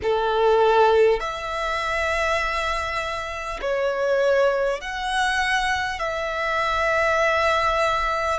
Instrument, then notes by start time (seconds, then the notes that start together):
violin
0.02 A4
1.19 E5
3.61 C#5
4.80 F#5
5.99 E5